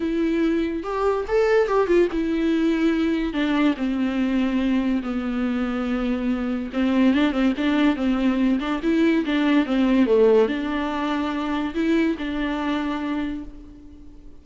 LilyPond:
\new Staff \with { instrumentName = "viola" } { \time 4/4 \tempo 4 = 143 e'2 g'4 a'4 | g'8 f'8 e'2. | d'4 c'2. | b1 |
c'4 d'8 c'8 d'4 c'4~ | c'8 d'8 e'4 d'4 c'4 | a4 d'2. | e'4 d'2. | }